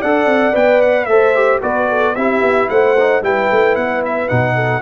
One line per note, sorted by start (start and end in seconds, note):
0.00 0.25 D4
0.00 0.52 A4
0.00 1.07 D5
0.00 0.55 F#5
0.25 0.52 C4
0.52 1.07 B3
0.52 1.06 B4
0.52 0.81 G5
0.81 1.05 F#5
1.05 1.60 A3
1.05 1.35 A4
1.05 1.61 C5
1.05 1.58 E5
1.35 1.61 G4
1.61 2.16 B3
1.61 2.15 F#4
1.61 1.88 B4
1.61 2.15 D5
1.88 2.15 A4
2.15 2.41 C4
2.15 2.97 E4
2.15 2.70 G4
2.15 2.69 E5
2.41 2.68 B3
2.69 3.22 A3
2.69 3.23 C5
2.69 3.22 F#5
2.98 3.22 D#4
3.22 3.49 G3
3.22 4.28 E4
3.22 4.55 B4
3.22 3.75 G5
3.51 3.76 A3
3.75 4.29 B3
3.75 4.02 F#5
4.05 4.28 E5
4.28 4.82 B2
4.28 4.82 D#4
4.28 4.82 F#5
4.55 4.82 A4